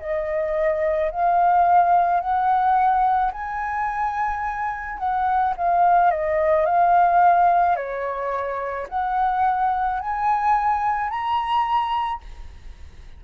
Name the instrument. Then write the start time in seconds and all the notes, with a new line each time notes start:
flute
0.00 D#5
1.12 F5
2.21 F#5
3.32 G#5
4.99 F#5
5.57 F5
6.11 D#5
6.66 F5
7.76 C#5
8.89 F#5
10.01 G#5
11.11 A#5